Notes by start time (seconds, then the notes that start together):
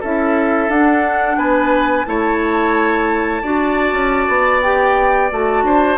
0.00 C#4 E4 A4 E5
0.68 D4 F#5
1.37 B3 B4 G#5
2.05 A3 E4 C#5 A5
3.42 D4 F#4 D5
3.92 C#4
4.29 B3
4.61 G4 G5
5.31 A3 F#4 A5
5.63 D4 C5